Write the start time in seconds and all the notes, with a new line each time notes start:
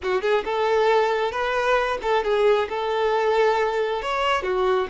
0.02 F#4
0.21 G#4
0.44 A4
1.31 B4
2.02 A4
2.23 G#4
2.69 A4
4.02 C#5
4.43 F#4